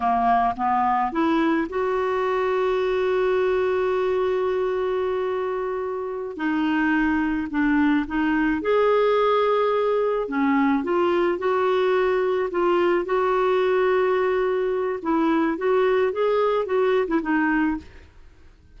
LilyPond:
\new Staff \with { instrumentName = "clarinet" } { \time 4/4 \tempo 4 = 108 ais4 b4 e'4 fis'4~ | fis'1~ | fis'2.~ fis'8 dis'8~ | dis'4. d'4 dis'4 gis'8~ |
gis'2~ gis'8 cis'4 f'8~ | f'8 fis'2 f'4 fis'8~ | fis'2. e'4 | fis'4 gis'4 fis'8. e'16 dis'4 | }